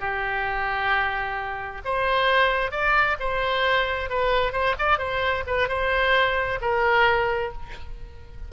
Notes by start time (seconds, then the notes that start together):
0.00 G4
1.85 C5
2.72 D5
3.20 C5
4.10 B4
4.53 C5
4.79 D5
4.99 C5
5.47 B4
5.69 C5
6.62 A#4